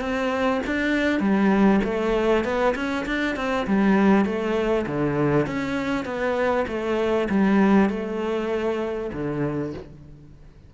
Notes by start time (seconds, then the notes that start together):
0.00 C4
0.66 D4
1.20 G3
1.83 A3
2.44 B3
2.75 C#4
3.06 D4
3.36 C4
3.66 G3
4.25 A3
4.86 D3
5.46 C#4
6.05 B3
6.67 A3
7.29 G3
7.89 A3
9.12 D3